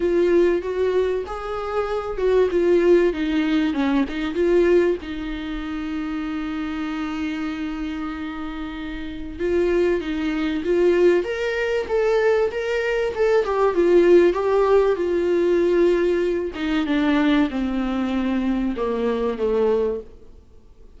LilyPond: \new Staff \with { instrumentName = "viola" } { \time 4/4 \tempo 4 = 96 f'4 fis'4 gis'4. fis'8 | f'4 dis'4 cis'8 dis'8 f'4 | dis'1~ | dis'2. f'4 |
dis'4 f'4 ais'4 a'4 | ais'4 a'8 g'8 f'4 g'4 | f'2~ f'8 dis'8 d'4 | c'2 ais4 a4 | }